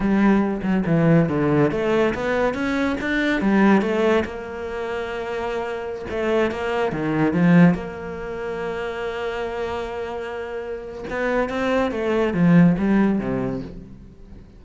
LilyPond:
\new Staff \with { instrumentName = "cello" } { \time 4/4 \tempo 4 = 141 g4. fis8 e4 d4 | a4 b4 cis'4 d'4 | g4 a4 ais2~ | ais2~ ais16 a4 ais8.~ |
ais16 dis4 f4 ais4.~ ais16~ | ais1~ | ais2 b4 c'4 | a4 f4 g4 c4 | }